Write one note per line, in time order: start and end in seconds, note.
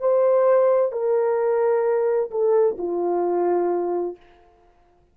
0.00 0.92 C5
0.92 2.31 A#4
2.31 2.77 A4
2.78 4.17 F4